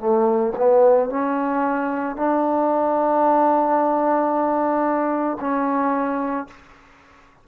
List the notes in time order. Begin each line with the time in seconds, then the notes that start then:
0.00 A3
0.57 B3
1.10 C#4
2.17 D4
5.41 C#4